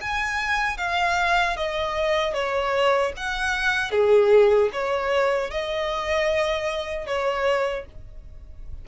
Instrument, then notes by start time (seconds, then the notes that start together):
violin
0.00 G#5
0.77 F5
1.56 D#5
2.33 C#5
3.16 F#5
3.91 G#4
4.72 C#5
5.50 D#5
7.06 C#5